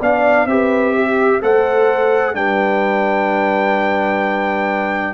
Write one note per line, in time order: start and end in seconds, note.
0.00 0.46 B3
0.00 0.49 D4
0.00 0.47 D5
0.00 0.47 F5
0.46 1.39 C4
0.46 1.41 G4
0.46 0.94 B4
0.46 1.41 E5
0.94 1.41 G4
1.41 2.35 A3
1.41 2.34 A4
1.41 2.36 C5
1.41 2.35 F#5
2.34 5.14 G3
2.34 5.14 D4
2.34 5.14 B4
2.34 5.14 G5